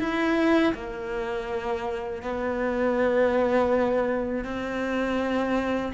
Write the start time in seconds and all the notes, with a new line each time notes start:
0.00 E4
0.74 A#3
2.23 B3
4.45 C4